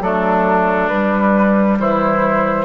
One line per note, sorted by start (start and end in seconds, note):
0.00 0.88 F#3
0.00 0.91 A3
0.00 1.79 D4
0.00 0.89 A4
0.89 2.65 G3
0.89 1.79 G3
0.89 1.77 B4
1.79 2.65 E3
1.79 2.65 E4
1.79 2.65 C5